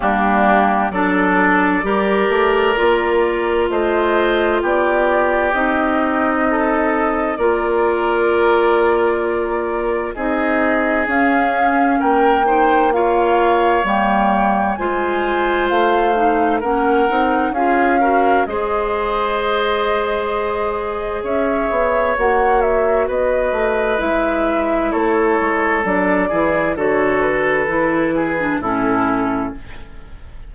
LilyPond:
<<
  \new Staff \with { instrumentName = "flute" } { \time 4/4 \tempo 4 = 65 g'4 d''2. | dis''4 d''4 dis''2 | d''2. dis''4 | f''4 g''4 f''4 g''4 |
gis''4 f''4 fis''4 f''4 | dis''2. e''4 | fis''8 e''8 dis''4 e''4 cis''4 | d''4 cis''8 b'4. a'4 | }
  \new Staff \with { instrumentName = "oboe" } { \time 4/4 d'4 a'4 ais'2 | c''4 g'2 a'4 | ais'2. gis'4~ | gis'4 ais'8 c''8 cis''2 |
c''2 ais'4 gis'8 ais'8 | c''2. cis''4~ | cis''4 b'2 a'4~ | a'8 gis'8 a'4. gis'8 e'4 | }
  \new Staff \with { instrumentName = "clarinet" } { \time 4/4 ais4 d'4 g'4 f'4~ | f'2 dis'2 | f'2. dis'4 | cis'4. dis'8 f'4 ais4 |
f'4. dis'8 cis'8 dis'8 f'8 fis'8 | gis'1 | fis'2 e'2 | d'8 e'8 fis'4 e'8. d'16 cis'4 | }
  \new Staff \with { instrumentName = "bassoon" } { \time 4/4 g4 fis4 g8 a8 ais4 | a4 b4 c'2 | ais2. c'4 | cis'4 ais2 g4 |
gis4 a4 ais8 c'8 cis'4 | gis2. cis'8 b8 | ais4 b8 a8 gis4 a8 gis8 | fis8 e8 d4 e4 a,4 | }
>>